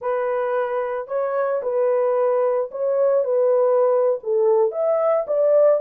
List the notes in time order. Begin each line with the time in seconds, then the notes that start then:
0.01 B4
1.07 C#5
1.62 B4
2.71 C#5
3.24 B4
4.23 A4
4.71 E5
5.27 D5